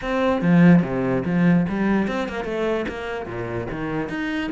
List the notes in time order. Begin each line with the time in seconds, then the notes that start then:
0.01 C4
0.41 F3
0.82 C3
1.25 F3
1.68 G3
2.07 C4
2.28 A#3
2.44 A3
2.88 A#3
3.26 A#2
3.70 D#3
4.09 D#4